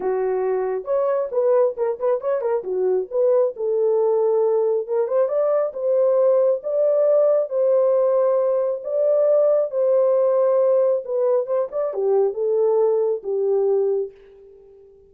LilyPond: \new Staff \with { instrumentName = "horn" } { \time 4/4 \tempo 4 = 136 fis'2 cis''4 b'4 | ais'8 b'8 cis''8 ais'8 fis'4 b'4 | a'2. ais'8 c''8 | d''4 c''2 d''4~ |
d''4 c''2. | d''2 c''2~ | c''4 b'4 c''8 d''8 g'4 | a'2 g'2 | }